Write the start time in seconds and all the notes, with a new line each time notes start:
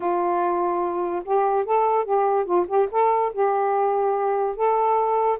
0.00 F4
1.25 G4
1.65 A4
2.04 G4
2.45 F4
2.67 G4
2.91 A4
3.33 G4
4.55 A4